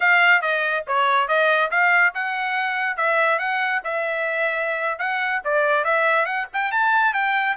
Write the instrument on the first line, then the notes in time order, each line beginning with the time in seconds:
trumpet
0.00 F5
0.41 D#5
0.87 C#5
1.27 D#5
1.71 F5
2.14 F#5
2.96 E5
3.38 F#5
3.84 E5
4.98 F#5
5.44 D5
5.84 E5
6.25 F#5
6.53 G5
6.71 A5
7.13 G5